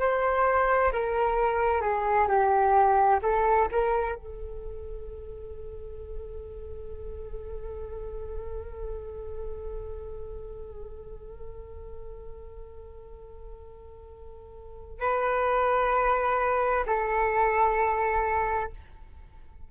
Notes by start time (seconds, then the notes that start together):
0.00 C5
0.92 A#4
1.82 G#4
2.28 G4
3.22 A4
3.72 A#4
4.15 A4
15.00 B4
16.87 A4